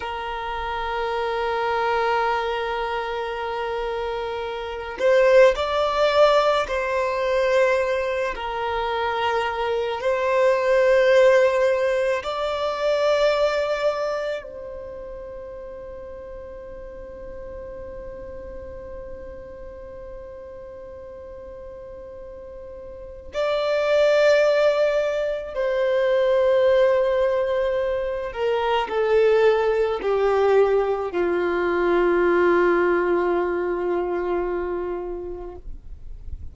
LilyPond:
\new Staff \with { instrumentName = "violin" } { \time 4/4 \tempo 4 = 54 ais'1~ | ais'8 c''8 d''4 c''4. ais'8~ | ais'4 c''2 d''4~ | d''4 c''2.~ |
c''1~ | c''4 d''2 c''4~ | c''4. ais'8 a'4 g'4 | f'1 | }